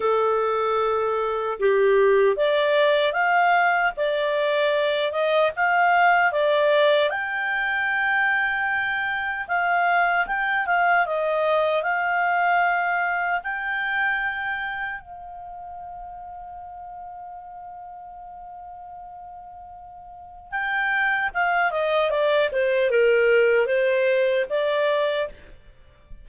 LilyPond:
\new Staff \with { instrumentName = "clarinet" } { \time 4/4 \tempo 4 = 76 a'2 g'4 d''4 | f''4 d''4. dis''8 f''4 | d''4 g''2. | f''4 g''8 f''8 dis''4 f''4~ |
f''4 g''2 f''4~ | f''1~ | f''2 g''4 f''8 dis''8 | d''8 c''8 ais'4 c''4 d''4 | }